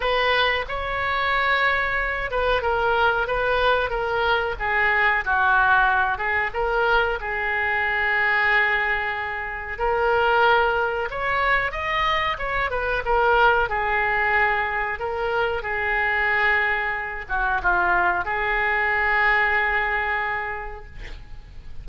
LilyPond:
\new Staff \with { instrumentName = "oboe" } { \time 4/4 \tempo 4 = 92 b'4 cis''2~ cis''8 b'8 | ais'4 b'4 ais'4 gis'4 | fis'4. gis'8 ais'4 gis'4~ | gis'2. ais'4~ |
ais'4 cis''4 dis''4 cis''8 b'8 | ais'4 gis'2 ais'4 | gis'2~ gis'8 fis'8 f'4 | gis'1 | }